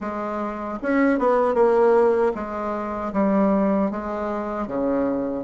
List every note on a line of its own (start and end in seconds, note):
0.00 0.78 G#3
0.82 1.19 C#4
1.19 1.54 B3
1.54 2.32 A#3
2.34 3.12 G#3
3.12 3.90 G3
3.90 4.67 G#3
4.67 5.44 C#3